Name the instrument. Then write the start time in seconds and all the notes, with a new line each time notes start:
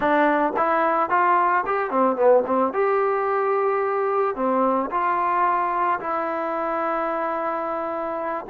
trombone
0.00 D4
0.56 E4
1.09 F4
1.66 G4
1.90 C4
2.16 B3
2.46 C4
2.73 G4
4.35 C4
4.90 F4
6.00 E4